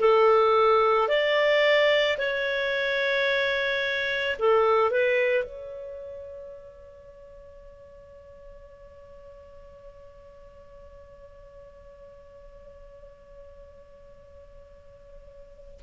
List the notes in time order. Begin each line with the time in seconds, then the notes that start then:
0.00 A4
1.09 D5
2.19 C#5
4.39 A4
4.91 B4
5.44 C#5